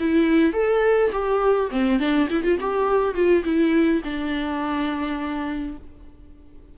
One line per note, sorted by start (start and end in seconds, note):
0.00 0.53 E4
0.53 1.11 A4
1.12 1.70 G4
1.71 1.99 C4
1.99 2.28 D4
2.30 2.44 E4
2.44 2.58 F4
2.60 3.15 G4
3.15 3.44 F4
3.44 4.02 E4
4.04 5.77 D4